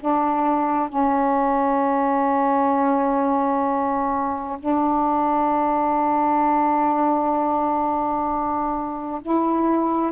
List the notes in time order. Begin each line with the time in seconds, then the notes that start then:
0.00 D4
0.89 C#4
4.60 D4
9.22 E4